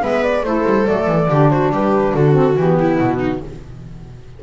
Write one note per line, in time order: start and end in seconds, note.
0.00 0.43 G#3
0.00 0.43 B3
0.00 0.45 B4
0.00 0.23 E5
0.23 0.44 D5
0.43 0.64 A3
0.43 0.86 E4
0.43 1.30 A4
0.43 0.87 C5
0.65 0.87 G3
0.86 1.07 F#3
0.86 1.28 A3
0.86 1.50 D5
1.07 1.28 E3
1.28 1.70 D3
1.28 2.32 D4
1.28 1.51 G4
1.50 1.72 F#4
1.50 1.71 C5
1.70 2.13 G3
1.70 2.13 G4
1.70 2.15 B4
2.13 2.56 D3
2.13 2.77 F#4
2.13 2.57 A4
2.32 2.54 C4
2.56 2.99 E3
2.56 3.43 B3
2.56 2.98 G4
2.80 3.18 E4
2.98 3.42 B2
2.98 3.41 F#4
3.18 3.39 D#4